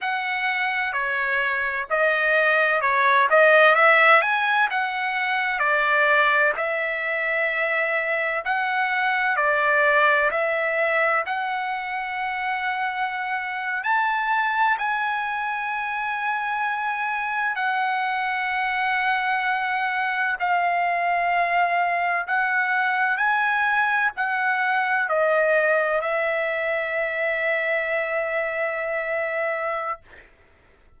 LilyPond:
\new Staff \with { instrumentName = "trumpet" } { \time 4/4 \tempo 4 = 64 fis''4 cis''4 dis''4 cis''8 dis''8 | e''8 gis''8 fis''4 d''4 e''4~ | e''4 fis''4 d''4 e''4 | fis''2~ fis''8. a''4 gis''16~ |
gis''2~ gis''8. fis''4~ fis''16~ | fis''4.~ fis''16 f''2 fis''16~ | fis''8. gis''4 fis''4 dis''4 e''16~ | e''1 | }